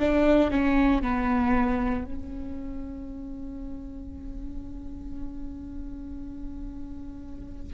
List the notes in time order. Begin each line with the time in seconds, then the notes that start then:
0.00 D4
0.51 C#4
1.03 B3
2.05 C#4